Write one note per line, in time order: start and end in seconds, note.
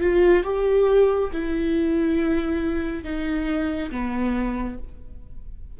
0.00 0.43 F4
0.43 1.30 G4
1.32 3.03 E4
3.03 3.90 D#4
3.91 4.77 B3